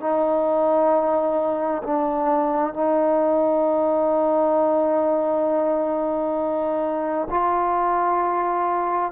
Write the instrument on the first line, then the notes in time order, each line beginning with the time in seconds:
trombone
0.00 D#4
1.83 D4
2.73 D#4
7.30 F4